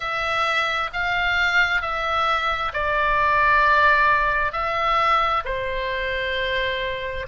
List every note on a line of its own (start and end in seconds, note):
0.00 0.90 E5
0.93 1.81 F5
1.81 2.72 E5
2.73 4.52 D5
4.52 5.43 E5
5.45 7.26 C5